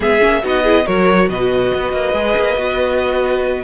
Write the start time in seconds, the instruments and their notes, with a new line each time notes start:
0.00 cello G#3, viola B3, violin G#4 E5
0.19 cello A#3, viola C#4
0.42 cello B3, viola D#4, violin F#4 D#5
0.62 viola E4, violin G#4
0.85 cello F#3, viola F#4, violin A#4 C#5
1.28 cello B2, violin B4 D#5
1.74 cello B3
1.92 cello A#3
2.13 cello G#3, viola G#4
2.36 cello A#3
2.56 cello B3, viola F#4